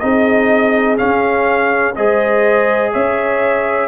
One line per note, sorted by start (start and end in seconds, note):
0.00 1.00 C4
0.00 0.98 D#4
0.00 1.97 G#4
0.00 0.97 D#5
0.98 1.95 C#4
0.98 1.97 C#4
0.98 1.95 F5
1.96 2.94 G#3
1.96 3.88 G#4
1.96 2.93 C5
1.96 2.93 D#5
2.93 3.88 C#4
2.93 3.88 C#5
2.93 3.88 E5